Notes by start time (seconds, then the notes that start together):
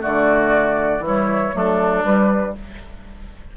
0.00 D3 A3 F#4 D5
1.00 E3 G3
1.06 E4 C#5
1.53 F#3 A3 D4 A4
2.02 G3 B4